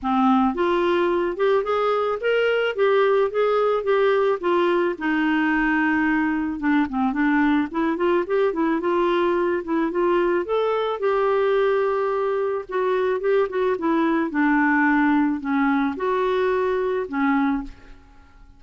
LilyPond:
\new Staff \with { instrumentName = "clarinet" } { \time 4/4 \tempo 4 = 109 c'4 f'4. g'8 gis'4 | ais'4 g'4 gis'4 g'4 | f'4 dis'2. | d'8 c'8 d'4 e'8 f'8 g'8 e'8 |
f'4. e'8 f'4 a'4 | g'2. fis'4 | g'8 fis'8 e'4 d'2 | cis'4 fis'2 cis'4 | }